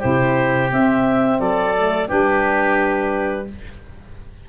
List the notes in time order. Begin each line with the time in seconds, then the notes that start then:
0.00 C3 E4 G4 C5
0.72 C4 E5
1.40 F#3 A4 D5
1.76 A3
2.09 G3 D4 G4 B4